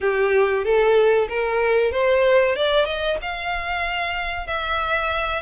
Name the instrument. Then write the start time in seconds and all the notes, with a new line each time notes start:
violin
0.00 G4
0.64 A4
1.28 A#4
1.91 C5
2.55 D5
2.85 D#5
3.21 F5
4.47 E5